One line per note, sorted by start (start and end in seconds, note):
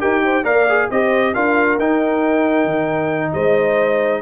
0.00 0.43 D#4
0.00 0.43 G4
0.00 0.23 A#4
0.00 0.44 G5
0.24 0.44 C5
0.43 0.87 A#3
0.43 0.66 A#4
0.43 0.88 D5
0.43 0.89 F5
0.69 0.91 G#4
0.90 1.35 C4
0.90 1.34 G4
0.90 1.34 C5
0.90 1.34 D#5
1.34 1.78 D4
1.34 1.79 F4
1.34 3.33 A#4
1.34 1.78 F5
1.78 2.65 D#4
1.78 4.22 D#4
1.78 3.32 G5
2.65 3.31 D#3
3.32 4.22 G#3
3.32 4.22 C5
3.32 4.21 D#5